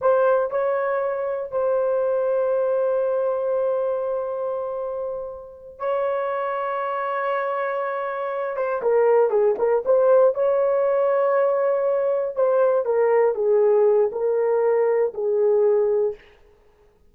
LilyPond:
\new Staff \with { instrumentName = "horn" } { \time 4/4 \tempo 4 = 119 c''4 cis''2 c''4~ | c''1~ | c''2.~ c''8 cis''8~ | cis''1~ |
cis''4 c''8 ais'4 gis'8 ais'8 c''8~ | c''8 cis''2.~ cis''8~ | cis''8 c''4 ais'4 gis'4. | ais'2 gis'2 | }